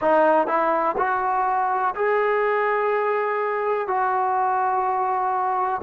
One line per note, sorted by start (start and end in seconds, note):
0.00 0.47 D#4
0.47 0.95 E4
0.97 1.94 F#4
1.95 3.87 G#4
3.87 5.81 F#4